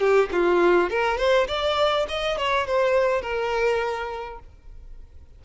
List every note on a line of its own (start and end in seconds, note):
0.00 0.29 G4
0.32 0.90 F4
0.90 1.18 A#4
1.18 1.47 C5
1.47 2.06 D5
2.08 2.37 D#5
2.37 2.67 C#5
2.67 3.21 C5
3.21 4.39 A#4